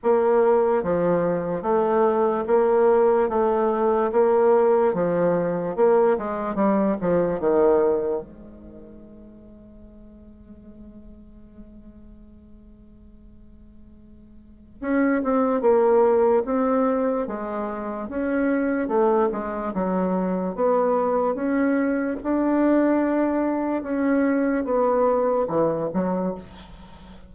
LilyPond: \new Staff \with { instrumentName = "bassoon" } { \time 4/4 \tempo 4 = 73 ais4 f4 a4 ais4 | a4 ais4 f4 ais8 gis8 | g8 f8 dis4 gis2~ | gis1~ |
gis2 cis'8 c'8 ais4 | c'4 gis4 cis'4 a8 gis8 | fis4 b4 cis'4 d'4~ | d'4 cis'4 b4 e8 fis8 | }